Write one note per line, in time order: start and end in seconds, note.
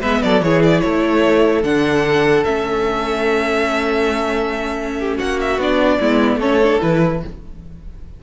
0.00 0.23 G#3
0.00 0.43 B3
0.00 0.20 B4
0.00 0.22 E5
0.22 0.41 F#3
0.22 0.44 A4
0.22 0.42 D5
0.41 0.82 E3
0.41 1.63 E4
0.41 0.83 G#4
0.41 0.62 C#5
0.63 0.80 D5
0.80 1.63 A3
0.80 4.99 A4
0.80 1.61 C#5
1.63 2.45 D3
1.63 2.44 D4
1.63 2.44 F#5
2.44 5.19 A3
2.44 5.59 C#4
2.44 5.17 E5
4.99 5.17 G4
5.17 5.58 A#3
5.17 5.98 F#4
5.17 5.40 F#5
5.40 5.60 E5
5.58 5.99 B3
5.58 6.01 D4
5.58 6.40 D5
5.99 6.36 G#3
5.99 6.41 B3
5.99 6.39 E4
6.36 6.76 A3
6.36 6.62 C#4
6.36 7.20 A4
6.36 6.80 C#5
6.63 6.80 D4
6.80 7.23 E3
6.80 7.21 E4
6.80 7.23 B4